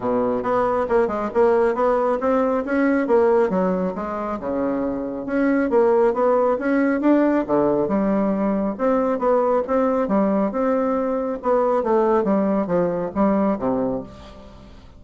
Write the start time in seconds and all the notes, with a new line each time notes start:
0.00 B2
0.42 B3
0.89 A#3
1.07 G#3
1.34 A#3
1.74 B3
2.20 C4
2.65 C#4
3.07 A#3
3.49 F#3
3.95 G#3
4.39 C#3
5.26 C#4
5.70 A#3
6.13 B3
6.58 C#4
7.01 D4
7.47 D3
7.87 G3
8.78 C4
9.18 B3
9.67 C4
10.07 G3
10.51 C4
11.42 B3
11.83 A3
12.24 G3
12.66 F3
13.14 G3
13.58 C3